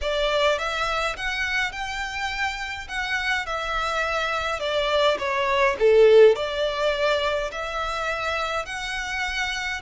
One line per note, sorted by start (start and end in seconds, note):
0.01 0.58 D5
0.58 1.16 E5
1.16 1.72 F#5
1.72 2.87 G5
2.88 3.46 F#5
3.46 4.59 E5
4.59 5.17 D5
5.18 5.76 C#5
5.79 6.35 A4
6.35 7.51 D5
7.51 8.65 E5
8.65 9.81 F#5